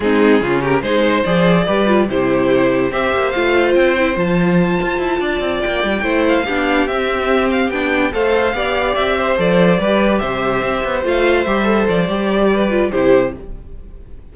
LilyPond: <<
  \new Staff \with { instrumentName = "violin" } { \time 4/4 \tempo 4 = 144 gis'4. ais'8 c''4 d''4~ | d''4 c''2 e''4 | f''4 g''4 a''2~ | a''4. g''4. f''4~ |
f''8 e''4. f''8 g''4 f''8~ | f''4. e''4 d''4.~ | d''8 e''2 f''4 e''8~ | e''8 d''2~ d''8 c''4 | }
  \new Staff \with { instrumentName = "violin" } { \time 4/4 dis'4 f'8 g'8 gis'8 c''4. | b'4 g'2 c''4~ | c''1~ | c''8 d''2 c''4 g'8~ |
g'2.~ g'8 c''8~ | c''8 d''4. c''4. b'8~ | b'8 c''2.~ c''8~ | c''2 b'4 g'4 | }
  \new Staff \with { instrumentName = "viola" } { \time 4/4 c'4 cis'4 dis'4 gis'4 | g'8 f'8 e'2 g'4 | f'4. e'8 f'2~ | f'2~ f'8 e'4 d'8~ |
d'8 c'2 d'4 a'8~ | a'8 g'2 a'4 g'8~ | g'2~ g'8 f'4 g'8 | a'4 g'4. f'8 e'4 | }
  \new Staff \with { instrumentName = "cello" } { \time 4/4 gis4 cis4 gis4 f4 | g4 c2 c'8 ais8 | a4 c'4 f4. f'8 | e'8 d'8 c'8 ais8 g8 a4 b8~ |
b8 c'2 b4 a8~ | a8 b4 c'4 f4 g8~ | g8 c4 c'8 b8 a4 g8~ | g8 f8 g2 c4 | }
>>